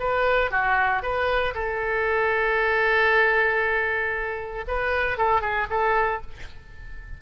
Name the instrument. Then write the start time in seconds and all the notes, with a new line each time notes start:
oboe
0.00 B4
0.51 F#4
1.03 B4
1.55 A4
4.68 B4
5.18 A4
5.41 G#4
5.70 A4